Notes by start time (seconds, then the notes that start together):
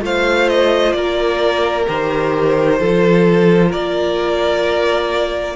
0.00 A3 F4 C5 F5
0.50 D#5
0.93 A#3 A#4 D5
1.87 D#3 G4 C5
2.80 F3 F4 A4
3.70 A#3 A#4 D5